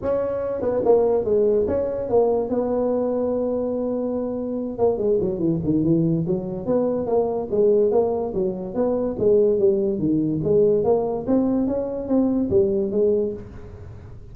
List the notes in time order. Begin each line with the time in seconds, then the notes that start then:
0.02 C#4
0.61 B3
0.84 A#3
1.24 G#3
1.67 C#4
2.09 A#3
2.49 B3
4.78 A#3
4.98 G#3
5.20 F#3
5.38 E3
5.63 D#3
5.83 E3
6.26 F#3
6.66 B3
7.06 A#3
7.50 G#3
7.91 A#3
8.34 F#3
8.74 B3
9.19 G#3
9.58 G3
9.98 D#3
10.43 G#3
10.84 A#3
11.26 C4
11.67 C#4
12.07 C4
12.50 G3
12.91 G#3